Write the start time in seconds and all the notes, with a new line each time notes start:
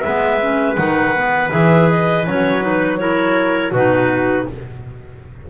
0.00 G#3 B3 B4 E5
0.41 C#4
0.76 D#3 D#4 F#5
1.16 B3
1.51 E3 G#4 E5
1.90 D#5
2.26 F#3 C#4 C#5
2.61 D#4 B4
2.98 E4 A#4 C#5
3.72 B2 D#4 F#4 B4